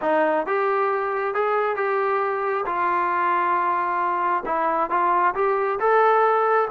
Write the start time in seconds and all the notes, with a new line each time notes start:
0.01 D#4
0.46 G4
1.34 G#4
1.76 G4
2.65 F4
4.45 E4
4.89 F4
5.35 G4
5.79 A4